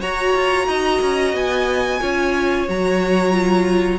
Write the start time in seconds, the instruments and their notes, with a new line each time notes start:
0.00 cello F#4, viola F#4, violin C#5 A#5
0.34 cello F4
0.66 cello D#4, violin D#5
1.01 cello C#4
1.33 cello B3, violin G#5
2.00 cello C#4, viola F4, violin C#5
2.67 cello F#3, viola F#4, violin A#5
3.32 viola F4